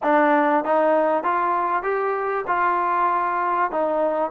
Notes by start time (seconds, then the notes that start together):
0.03 D4
0.64 D#4
1.23 F4
1.82 G4
2.47 F4
3.71 D#4